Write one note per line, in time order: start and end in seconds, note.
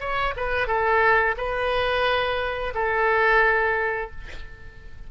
0.00 0.34 C#5
0.37 0.67 B4
0.67 1.35 A4
1.37 2.74 B4
2.75 4.11 A4